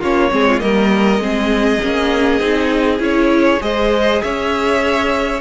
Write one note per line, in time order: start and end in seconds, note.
0.00 0.31 A#3
0.00 0.31 C#4
0.00 0.30 F4
0.00 0.60 C#5
0.31 0.61 G#3
0.31 0.59 C4
0.31 0.48 G#4
0.48 0.62 F4
0.59 1.19 G3
0.59 1.19 A#3
0.59 1.22 A#4
0.59 3.00 D#5
1.19 1.79 G#3
1.19 1.81 C4
1.19 3.62 G#4
1.81 2.40 A#3
1.81 2.41 C#4
2.40 2.99 C4
2.40 2.99 D#4
2.99 3.59 C#4
2.99 3.59 E4
2.99 3.62 C#5
3.60 4.22 G#3
3.60 5.41 G#4
3.60 4.23 C5
3.60 4.22 D#5
4.22 5.41 C#4
4.22 5.41 C#5
4.22 5.41 E5